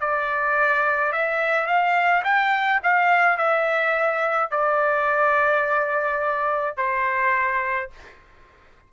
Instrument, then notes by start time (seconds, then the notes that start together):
trumpet
0.00 D5
1.12 E5
1.66 F5
2.24 G5
2.83 F5
3.38 E5
4.51 D5
6.77 C5